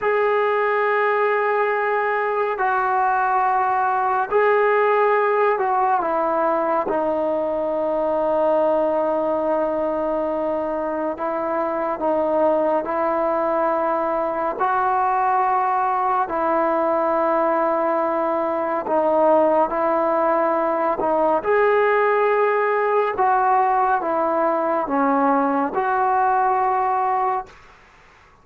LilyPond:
\new Staff \with { instrumentName = "trombone" } { \time 4/4 \tempo 4 = 70 gis'2. fis'4~ | fis'4 gis'4. fis'8 e'4 | dis'1~ | dis'4 e'4 dis'4 e'4~ |
e'4 fis'2 e'4~ | e'2 dis'4 e'4~ | e'8 dis'8 gis'2 fis'4 | e'4 cis'4 fis'2 | }